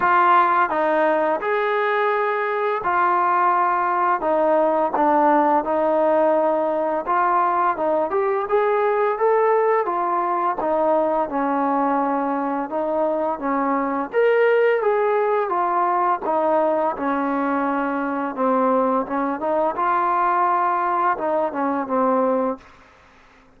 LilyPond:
\new Staff \with { instrumentName = "trombone" } { \time 4/4 \tempo 4 = 85 f'4 dis'4 gis'2 | f'2 dis'4 d'4 | dis'2 f'4 dis'8 g'8 | gis'4 a'4 f'4 dis'4 |
cis'2 dis'4 cis'4 | ais'4 gis'4 f'4 dis'4 | cis'2 c'4 cis'8 dis'8 | f'2 dis'8 cis'8 c'4 | }